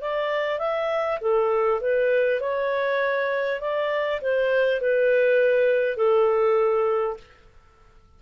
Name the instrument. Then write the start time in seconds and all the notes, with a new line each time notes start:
clarinet
0.00 D5
0.58 E5
1.21 A4
1.80 B4
2.40 C#5
3.60 D5
4.21 C5
4.80 B4
5.97 A4